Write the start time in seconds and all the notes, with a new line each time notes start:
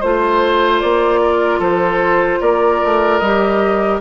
0.00 A3 F4 C5
0.80 A#3 D5
1.21 A#4
1.59 F3 A4 C5
2.40 A#3 A#4 D5
2.84 A3
3.18 G3 G4 D#5